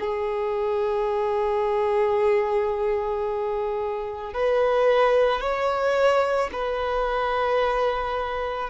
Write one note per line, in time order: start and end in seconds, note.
0.00 4.33 G#4
4.33 5.40 B4
5.40 6.50 C#5
6.52 8.70 B4